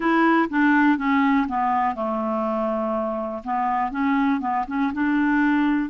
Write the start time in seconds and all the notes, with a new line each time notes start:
0.00 E4
0.49 D4
0.97 C#4
1.48 B3
1.95 A3
3.44 B3
3.91 C#4
4.40 B3
4.67 C#4
4.93 D4